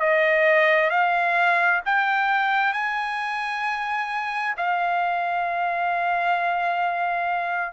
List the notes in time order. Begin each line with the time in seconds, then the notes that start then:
0.00 D#5
0.90 F5
1.86 G5
2.73 G#5
4.57 F5